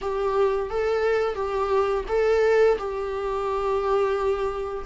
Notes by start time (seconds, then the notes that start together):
0.01 G4
0.70 A4
1.35 G4
2.08 A4
2.77 G4